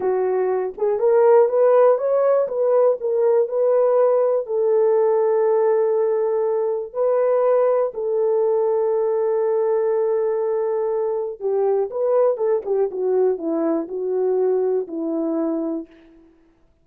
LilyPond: \new Staff \with { instrumentName = "horn" } { \time 4/4 \tempo 4 = 121 fis'4. gis'8 ais'4 b'4 | cis''4 b'4 ais'4 b'4~ | b'4 a'2.~ | a'2 b'2 |
a'1~ | a'2. g'4 | b'4 a'8 g'8 fis'4 e'4 | fis'2 e'2 | }